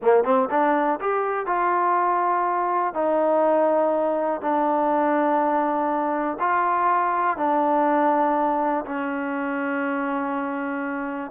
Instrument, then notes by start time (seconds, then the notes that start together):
trombone
0.02 A#3
0.24 C4
0.50 D4
1.00 G4
1.46 F4
2.94 D#4
4.41 D4
6.39 F4
7.37 D4
8.85 C#4